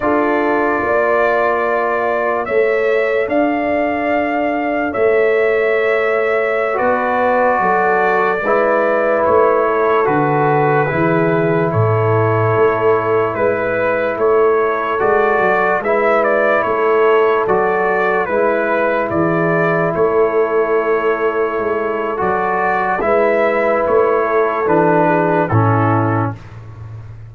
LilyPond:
<<
  \new Staff \with { instrumentName = "trumpet" } { \time 4/4 \tempo 4 = 73 d''2. e''4 | f''2 e''2~ | e''16 d''2. cis''8.~ | cis''16 b'2 cis''4.~ cis''16~ |
cis''16 b'4 cis''4 d''4 e''8 d''16~ | d''16 cis''4 d''4 b'4 d''8.~ | d''16 cis''2~ cis''8. d''4 | e''4 cis''4 b'4 a'4 | }
  \new Staff \with { instrumentName = "horn" } { \time 4/4 a'4 d''2 cis''4 | d''2 cis''2~ | cis''16 b'4 a'4 b'4. a'16~ | a'4~ a'16 gis'4 a'4.~ a'16~ |
a'16 b'4 a'2 b'8.~ | b'16 a'2 b'4 gis'8.~ | gis'16 a'2.~ a'8. | b'4. a'4 gis'8 e'4 | }
  \new Staff \with { instrumentName = "trombone" } { \time 4/4 f'2. a'4~ | a'1~ | a'16 fis'2 e'4.~ e'16~ | e'16 fis'4 e'2~ e'8.~ |
e'2~ e'16 fis'4 e'8.~ | e'4~ e'16 fis'4 e'4.~ e'16~ | e'2. fis'4 | e'2 d'4 cis'4 | }
  \new Staff \with { instrumentName = "tuba" } { \time 4/4 d'4 ais2 a4 | d'2 a2~ | a16 b4 fis4 gis4 a8.~ | a16 d4 e4 a,4 a8.~ |
a16 gis4 a4 gis8 fis8 gis8.~ | gis16 a4 fis4 gis4 e8.~ | e16 a2 gis8. fis4 | gis4 a4 e4 a,4 | }
>>